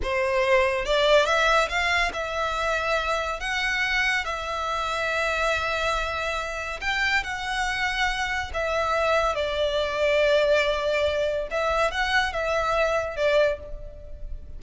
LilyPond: \new Staff \with { instrumentName = "violin" } { \time 4/4 \tempo 4 = 141 c''2 d''4 e''4 | f''4 e''2. | fis''2 e''2~ | e''1 |
g''4 fis''2. | e''2 d''2~ | d''2. e''4 | fis''4 e''2 d''4 | }